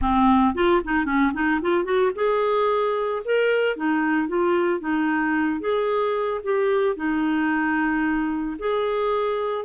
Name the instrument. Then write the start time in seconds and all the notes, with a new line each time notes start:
clarinet
0.01 C4
0.55 F4
0.84 D#4
1.05 C#4
1.33 D#4
1.61 F4
1.84 F#4
2.15 G#4
3.24 A#4
3.76 D#4
4.28 F4
4.79 D#4
5.60 G#4
6.43 G4
6.96 D#4
8.59 G#4